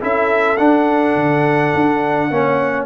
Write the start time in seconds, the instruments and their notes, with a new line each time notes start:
0.00 tuba C#4, trombone E4, horn A4, trumpet E5
0.56 trombone D4, tuba D4, trumpet F#5
1.15 tuba D3
1.74 tuba D4
2.30 tuba A#3, trombone C#4, horn C#5